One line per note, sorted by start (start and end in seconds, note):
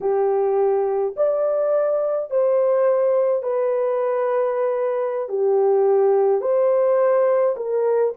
0.00 1.15 G4
1.16 2.30 D5
2.30 3.43 C5
3.43 5.28 B4
5.29 6.41 G4
6.41 7.55 C5
7.56 8.13 A#4